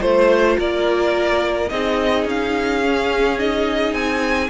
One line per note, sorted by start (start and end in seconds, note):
0.00 0.58 A3
0.00 1.68 F4
0.00 0.57 C5
0.00 0.58 C5
0.59 1.71 A#3
0.59 1.71 A#4
0.59 1.69 D5
1.69 2.25 C4
1.69 2.83 D#4
1.69 4.50 G#4
1.69 2.25 D#5
2.25 3.93 C#4
2.25 3.39 F5
2.84 3.39 C#4
3.39 4.50 D#4
3.39 3.94 D#5
3.93 4.49 C4
3.93 4.50 G#5